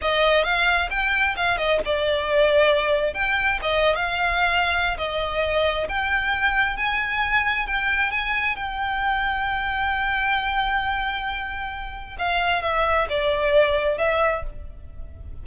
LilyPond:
\new Staff \with { instrumentName = "violin" } { \time 4/4 \tempo 4 = 133 dis''4 f''4 g''4 f''8 dis''8 | d''2. g''4 | dis''8. f''2~ f''16 dis''4~ | dis''4 g''2 gis''4~ |
gis''4 g''4 gis''4 g''4~ | g''1~ | g''2. f''4 | e''4 d''2 e''4 | }